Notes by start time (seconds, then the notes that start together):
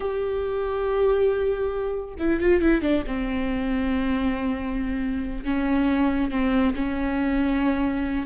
0.00 G4
2.19 E4
2.40 F4
2.61 E4
2.81 D4
3.06 C4
5.44 C#4
6.30 C4
6.75 C#4